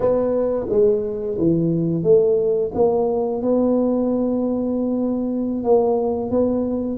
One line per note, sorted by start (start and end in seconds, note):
0.00 0.66 B3
0.68 1.37 G#3
1.38 2.03 E3
2.03 2.71 A3
2.74 3.42 A#3
3.42 5.63 B3
5.63 6.30 A#3
6.30 6.98 B3